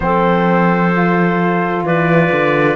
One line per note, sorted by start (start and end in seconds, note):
0.00 1.83 F3
0.00 0.92 C4
0.00 1.85 A4
0.00 1.84 C5
0.92 2.75 F4
1.83 2.30 E3
1.83 2.75 B4
1.83 2.75 D5
2.32 2.75 D3